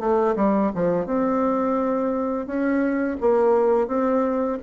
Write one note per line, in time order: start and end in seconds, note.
0.00 0.35 A3
0.36 0.72 G3
0.75 1.06 F3
1.06 2.47 C4
2.47 3.17 C#4
3.21 3.88 A#3
3.88 4.59 C4